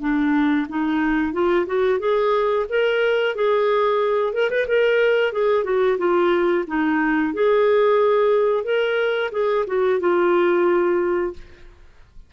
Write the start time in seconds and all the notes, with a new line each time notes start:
0.00 D4
0.69 D#4
1.32 F4
1.66 F#4
1.99 G#4
2.69 A#4
3.35 G#4
4.33 A#4
4.50 B4
4.68 A#4
5.32 G#4
5.64 F#4
5.98 F4
6.67 D#4
7.34 G#4
8.64 A#4
9.32 G#4
9.67 F#4
10.00 F4